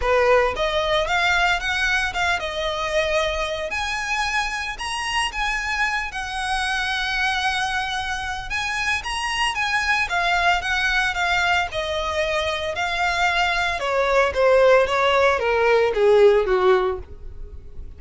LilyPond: \new Staff \with { instrumentName = "violin" } { \time 4/4 \tempo 4 = 113 b'4 dis''4 f''4 fis''4 | f''8 dis''2~ dis''8 gis''4~ | gis''4 ais''4 gis''4. fis''8~ | fis''1 |
gis''4 ais''4 gis''4 f''4 | fis''4 f''4 dis''2 | f''2 cis''4 c''4 | cis''4 ais'4 gis'4 fis'4 | }